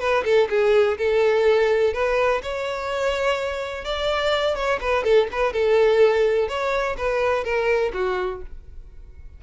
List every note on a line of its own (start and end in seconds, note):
0.00 0.24 B4
0.24 0.48 A4
0.50 0.98 G#4
0.98 1.93 A4
1.93 2.41 B4
2.43 3.85 C#5
3.85 4.56 D5
4.56 4.80 C#5
4.81 5.04 B4
5.04 5.28 A4
5.32 5.53 B4
5.53 6.48 A4
6.48 6.96 C#5
6.98 7.44 B4
7.44 7.92 A#4
7.94 8.42 F#4